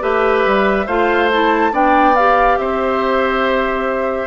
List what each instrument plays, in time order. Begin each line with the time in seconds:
0.00 bassoon A3, clarinet G4, oboe B4, flute E5
0.46 bassoon G3
0.86 bassoon A3, clarinet F4, oboe C5, flute F5
1.31 clarinet E4, flute A5
1.71 bassoon B3, clarinet D4, oboe D5, flute G5
2.16 clarinet G4, flute F5
2.58 bassoon C4, oboe C5, flute E5